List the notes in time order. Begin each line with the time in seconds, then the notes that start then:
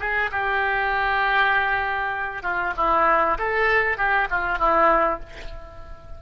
0.00 G#4
0.32 G4
2.43 F4
2.77 E4
3.38 A4
3.98 G4
4.31 F4
4.59 E4